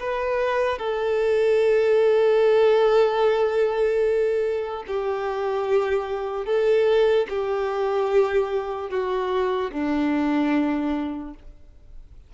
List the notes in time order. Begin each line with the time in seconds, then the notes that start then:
0.00 B4
0.79 A4
4.87 G4
6.46 A4
7.29 G4
8.90 F#4
9.72 D4